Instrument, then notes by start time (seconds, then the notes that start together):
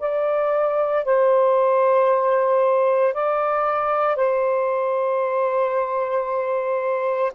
saxophone
0.00 D5
1.05 C5
3.14 D5
4.17 C5